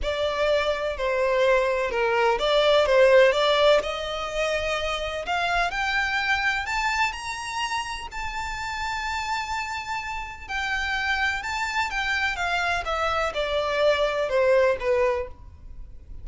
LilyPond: \new Staff \with { instrumentName = "violin" } { \time 4/4 \tempo 4 = 126 d''2 c''2 | ais'4 d''4 c''4 d''4 | dis''2. f''4 | g''2 a''4 ais''4~ |
ais''4 a''2.~ | a''2 g''2 | a''4 g''4 f''4 e''4 | d''2 c''4 b'4 | }